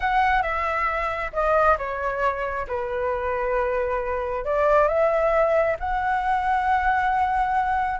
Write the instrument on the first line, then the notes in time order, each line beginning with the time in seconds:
flute
0.00 F#5
0.42 E5
1.32 D#5
1.78 C#5
2.67 B4
4.44 D5
4.88 E5
5.79 F#5